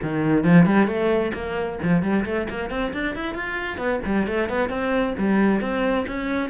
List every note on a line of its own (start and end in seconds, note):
0.02 0.44 D#3
0.44 0.66 F3
0.66 0.87 G3
0.87 1.31 A3
1.34 1.78 A#3
1.82 2.02 F3
2.02 2.24 G3
2.25 2.47 A3
2.49 2.70 A#3
2.70 2.92 C4
2.93 3.15 D4
3.15 3.34 E4
3.34 3.77 F4
3.77 4.00 B3
4.05 4.27 G3
4.27 4.49 A3
4.49 4.69 B3
4.69 5.14 C4
5.18 5.60 G3
5.60 6.05 C4
6.07 6.49 C#4